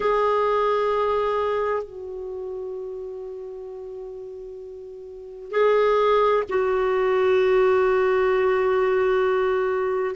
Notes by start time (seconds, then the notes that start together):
0.00 G#4
1.83 F#4
5.51 G#4
6.49 F#4